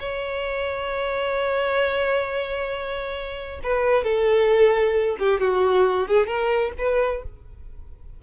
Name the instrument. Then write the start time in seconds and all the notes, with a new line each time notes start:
violin
0.00 C#5
3.64 B4
4.04 A4
5.19 G4
5.41 F#4
6.08 G#4
6.27 A#4
6.78 B4